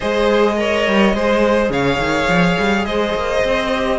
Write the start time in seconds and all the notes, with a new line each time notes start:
0.00 G#3 G#4 C5 D#5
0.57 A#4 C#5
0.87 G3
1.13 G#3 G#4 C5
1.69 C#3 C#5 F5
1.98 D#3
2.27 F3
2.59 G3
2.85 G#3 C5 D#5
3.15 A#3
3.44 C4
3.74 G4